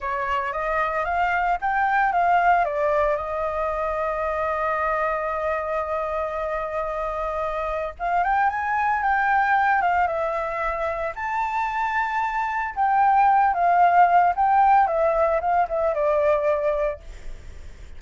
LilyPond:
\new Staff \with { instrumentName = "flute" } { \time 4/4 \tempo 4 = 113 cis''4 dis''4 f''4 g''4 | f''4 d''4 dis''2~ | dis''1~ | dis''2. f''8 g''8 |
gis''4 g''4. f''8 e''4~ | e''4 a''2. | g''4. f''4. g''4 | e''4 f''8 e''8 d''2 | }